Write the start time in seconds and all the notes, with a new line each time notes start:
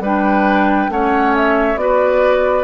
0.00 G3 D4 B4 G5
0.89 A3 C#4 C#5 F#5
1.36 E5
1.76 B3 F#4 B4 D5